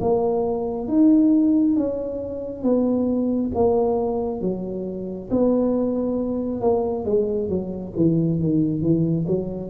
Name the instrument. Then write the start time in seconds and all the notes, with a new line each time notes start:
tuba
0.00 A#3
0.87 D#4
1.76 C#4
2.63 B3
3.55 A#3
4.41 F#3
5.30 B3
6.61 A#3
7.05 G#3
7.48 F#3
7.96 E3
8.39 D#3
8.82 E3
9.27 F#3